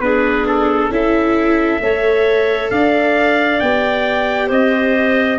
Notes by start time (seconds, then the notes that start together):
0.00 B3 D4 G#4 B4
0.48 A4
0.90 C#4 E4 A4 E5
1.81 A3 A4 C#5
2.71 D4 D5 F5
3.60 B3 G4 G5
4.48 C4 C5 D#5